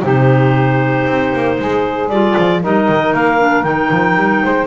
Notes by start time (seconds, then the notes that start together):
0.00 C3 D#4 G4 C5
1.07 C4
1.33 A#3
1.59 G#3 G#4
2.09 G3 F4 D5
2.38 F3
2.62 G3 D#4 A#4 D#5
2.89 D#3
3.14 A#3 F5
3.39 D4
3.63 D#3 D#4 G5
3.91 F3
4.16 G3
4.43 G#3 C5